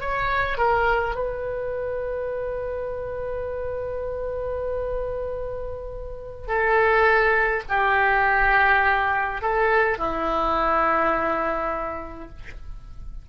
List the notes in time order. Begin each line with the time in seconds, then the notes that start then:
0.00 C#5
0.57 A#4
1.15 B4
6.47 A4
7.69 G4
9.41 A4
9.98 E4